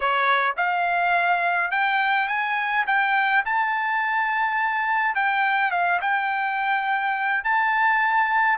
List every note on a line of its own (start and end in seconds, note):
0.00 0.55 C#5
0.57 1.71 F5
1.71 2.28 G5
2.28 2.85 G#5
2.86 3.44 G5
3.45 5.15 A5
5.15 5.71 G5
5.71 5.99 F5
6.01 7.44 G5
7.44 8.58 A5